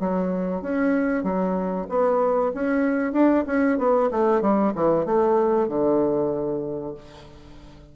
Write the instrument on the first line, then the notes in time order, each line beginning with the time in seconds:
bassoon
0.00 F#3
0.62 C#4
1.23 F#3
1.89 B3
2.54 C#4
3.13 D4
3.47 C#4
3.78 B3
4.11 A3
4.42 G3
4.75 E3
5.06 A3
5.68 D3